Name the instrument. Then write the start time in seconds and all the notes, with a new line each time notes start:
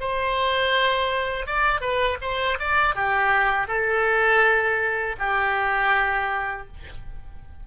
oboe
0.00 C5
1.46 D5
1.80 B4
2.21 C5
2.59 D5
2.95 G4
3.68 A4
5.19 G4